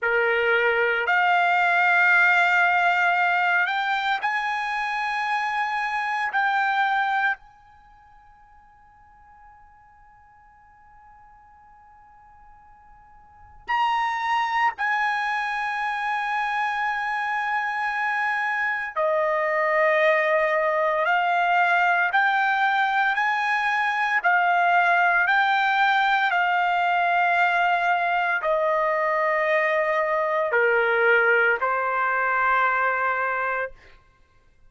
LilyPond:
\new Staff \with { instrumentName = "trumpet" } { \time 4/4 \tempo 4 = 57 ais'4 f''2~ f''8 g''8 | gis''2 g''4 gis''4~ | gis''1~ | gis''4 ais''4 gis''2~ |
gis''2 dis''2 | f''4 g''4 gis''4 f''4 | g''4 f''2 dis''4~ | dis''4 ais'4 c''2 | }